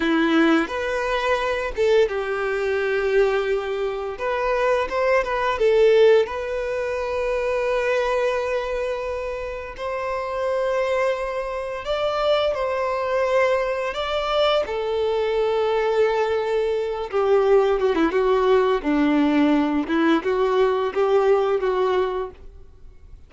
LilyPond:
\new Staff \with { instrumentName = "violin" } { \time 4/4 \tempo 4 = 86 e'4 b'4. a'8 g'4~ | g'2 b'4 c''8 b'8 | a'4 b'2.~ | b'2 c''2~ |
c''4 d''4 c''2 | d''4 a'2.~ | a'8 g'4 fis'16 e'16 fis'4 d'4~ | d'8 e'8 fis'4 g'4 fis'4 | }